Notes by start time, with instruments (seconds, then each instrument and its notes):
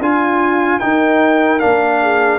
0.00 tuba D4, horn F4, trombone F4, trumpet G#5
0.80 trombone D#4, tuba D#4, horn A#4, trumpet G5
1.60 tuba A#3, trombone D4, trumpet F5
2.02 horn G#4